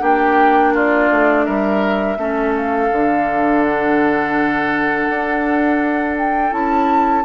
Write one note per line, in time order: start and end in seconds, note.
0.00 1.10 A#3
0.00 2.17 D4
0.00 0.74 G4
0.00 0.75 G5
0.74 1.46 F4
0.74 1.45 D5
1.11 1.47 A3
1.45 2.18 G3
1.45 2.18 A#4
1.45 2.54 E5
2.18 2.90 A3
2.18 2.91 C#4
2.18 7.25 A4
2.56 3.64 F5
2.91 5.09 D3
2.91 6.52 D4
3.64 6.17 F#5
5.10 6.52 D4
6.17 6.53 G5
6.52 7.25 C#4
6.52 7.24 E4
6.52 7.25 A5